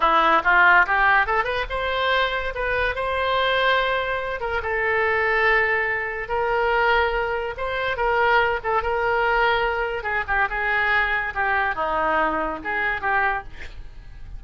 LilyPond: \new Staff \with { instrumentName = "oboe" } { \time 4/4 \tempo 4 = 143 e'4 f'4 g'4 a'8 b'8 | c''2 b'4 c''4~ | c''2~ c''8 ais'8 a'4~ | a'2. ais'4~ |
ais'2 c''4 ais'4~ | ais'8 a'8 ais'2. | gis'8 g'8 gis'2 g'4 | dis'2 gis'4 g'4 | }